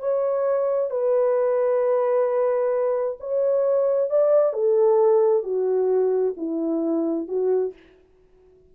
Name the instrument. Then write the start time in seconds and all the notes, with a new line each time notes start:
horn
0.00 C#5
0.91 B4
3.20 C#5
4.10 D5
4.54 A4
5.44 F#4
6.37 E4
7.28 F#4